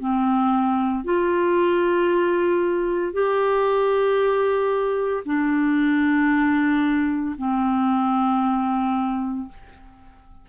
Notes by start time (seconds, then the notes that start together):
0.00 C4
1.05 F4
3.13 G4
5.26 D4
7.38 C4